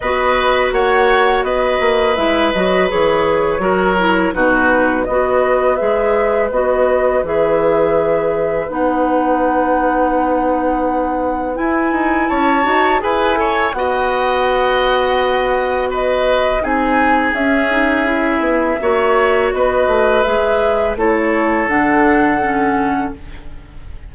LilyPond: <<
  \new Staff \with { instrumentName = "flute" } { \time 4/4 \tempo 4 = 83 dis''4 fis''4 dis''4 e''8 dis''8 | cis''2 b'4 dis''4 | e''4 dis''4 e''2 | fis''1 |
gis''4 a''4 gis''4 fis''4~ | fis''2 dis''4 gis''4 | e''2. dis''4 | e''4 cis''4 fis''2 | }
  \new Staff \with { instrumentName = "oboe" } { \time 4/4 b'4 cis''4 b'2~ | b'4 ais'4 fis'4 b'4~ | b'1~ | b'1~ |
b'4 cis''4 b'8 cis''8 dis''4~ | dis''2 b'4 gis'4~ | gis'2 cis''4 b'4~ | b'4 a'2. | }
  \new Staff \with { instrumentName = "clarinet" } { \time 4/4 fis'2. e'8 fis'8 | gis'4 fis'8 e'8 dis'4 fis'4 | gis'4 fis'4 gis'2 | dis'1 |
e'4. fis'8 gis'8 a'8 fis'4~ | fis'2. dis'4 | cis'8 dis'8 e'4 fis'2 | gis'4 e'4 d'4 cis'4 | }
  \new Staff \with { instrumentName = "bassoon" } { \time 4/4 b4 ais4 b8 ais8 gis8 fis8 | e4 fis4 b,4 b4 | gis4 b4 e2 | b1 |
e'8 dis'8 cis'8 dis'8 e'4 b4~ | b2. c'4 | cis'4. b8 ais4 b8 a8 | gis4 a4 d2 | }
>>